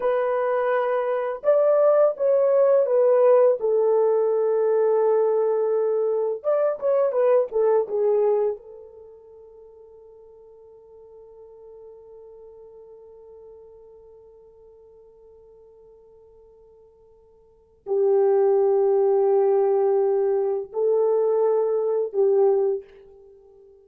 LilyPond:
\new Staff \with { instrumentName = "horn" } { \time 4/4 \tempo 4 = 84 b'2 d''4 cis''4 | b'4 a'2.~ | a'4 d''8 cis''8 b'8 a'8 gis'4 | a'1~ |
a'1~ | a'1~ | a'4 g'2.~ | g'4 a'2 g'4 | }